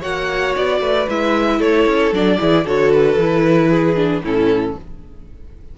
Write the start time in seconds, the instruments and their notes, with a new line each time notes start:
0.00 cello A#3, viola F#4, violin C#5 F#5
0.56 cello B3, violin D5
0.81 cello A3, violin B4
1.08 cello G#3, viola E4, violin E5
1.59 cello A3, violin A4 C#5
1.86 cello C#4
2.12 cello F#3, viola D4, violin D5
2.38 cello E3, viola E4, violin G#4
2.64 cello D3, viola F#4, violin A4 C#5
2.92 violin B4
3.16 cello E3, viola E4
3.69 violin G#4
3.96 viola D4
4.23 cello A2, viola C#4, violin E4 A4